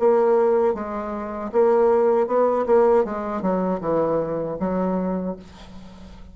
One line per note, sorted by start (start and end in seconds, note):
0.00 0.74 A#3
0.74 1.51 G#3
1.52 2.28 A#3
2.28 2.66 B3
2.67 3.05 A#3
3.05 3.42 G#3
3.42 3.80 F#3
3.81 4.58 E3
4.60 5.37 F#3